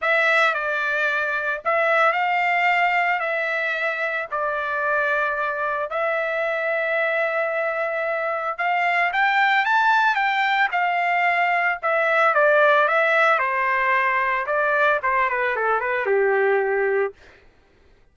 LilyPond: \new Staff \with { instrumentName = "trumpet" } { \time 4/4 \tempo 4 = 112 e''4 d''2 e''4 | f''2 e''2 | d''2. e''4~ | e''1 |
f''4 g''4 a''4 g''4 | f''2 e''4 d''4 | e''4 c''2 d''4 | c''8 b'8 a'8 b'8 g'2 | }